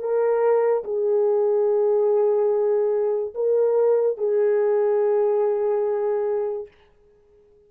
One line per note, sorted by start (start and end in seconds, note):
0.00 0.83 A#4
0.84 3.34 G#4
3.35 4.18 A#4
4.18 6.68 G#4